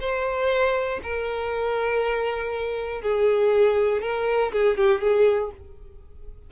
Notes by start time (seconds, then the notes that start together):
0.00 C5
1.02 A#4
3.02 G#4
4.01 A#4
4.52 G#4
4.77 G4
5.01 G#4